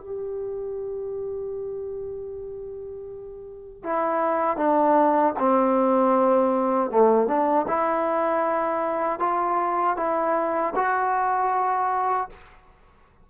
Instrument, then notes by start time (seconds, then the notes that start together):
trombone
0.00 G4
3.84 E4
4.57 D4
5.39 C4
6.91 A3
7.27 D4
7.68 E4
9.20 F4
9.97 E4
10.76 F#4